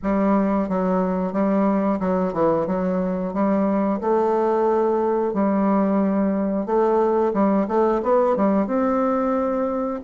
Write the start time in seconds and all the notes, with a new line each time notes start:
0.02 G3
0.68 F#3
1.32 G3
2.00 F#3
2.33 E3
2.66 F#3
3.33 G3
4.00 A3
5.33 G3
6.65 A3
7.33 G3
7.68 A3
8.02 B3
8.36 G3
8.66 C4